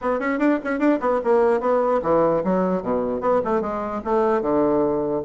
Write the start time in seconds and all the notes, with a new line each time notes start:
0.01 B3
0.19 C#4
0.38 D4
0.64 C#4
0.79 D4
1.00 B3
1.24 A#3
1.60 B3
2.02 E3
2.44 F#3
2.82 B2
3.20 B3
3.44 A3
3.61 G#3
4.04 A3
4.41 D3